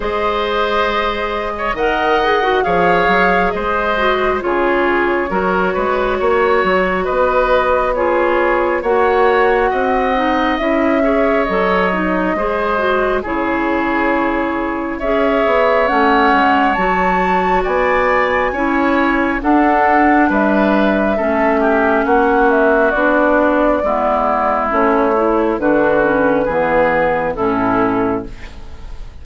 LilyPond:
<<
  \new Staff \with { instrumentName = "flute" } { \time 4/4 \tempo 4 = 68 dis''2 fis''4 f''4 | dis''4 cis''2. | dis''4 cis''4 fis''2 | e''4 dis''2 cis''4~ |
cis''4 e''4 fis''4 a''4 | gis''2 fis''4 e''4~ | e''4 fis''8 e''8 d''2 | cis''4 b'2 a'4 | }
  \new Staff \with { instrumentName = "oboe" } { \time 4/4 c''4.~ c''16 cis''16 dis''4 cis''4 | c''4 gis'4 ais'8 b'8 cis''4 | b'4 gis'4 cis''4 dis''4~ | dis''8 cis''4. c''4 gis'4~ |
gis'4 cis''2. | d''4 cis''4 a'4 b'4 | a'8 g'8 fis'2 e'4~ | e'4 fis'4 gis'4 e'4 | }
  \new Staff \with { instrumentName = "clarinet" } { \time 4/4 gis'2 ais'8 gis'16 fis'16 gis'4~ | gis'8 fis'8 f'4 fis'2~ | fis'4 f'4 fis'4. dis'8 | e'8 gis'8 a'8 dis'8 gis'8 fis'8 e'4~ |
e'4 gis'4 cis'4 fis'4~ | fis'4 e'4 d'2 | cis'2 d'4 b4 | cis'8 e'8 d'8 cis'8 b4 cis'4 | }
  \new Staff \with { instrumentName = "bassoon" } { \time 4/4 gis2 dis4 f8 fis8 | gis4 cis4 fis8 gis8 ais8 fis8 | b2 ais4 c'4 | cis'4 fis4 gis4 cis4~ |
cis4 cis'8 b8 a8 gis8 fis4 | b4 cis'4 d'4 g4 | a4 ais4 b4 gis4 | a4 d4 e4 a,4 | }
>>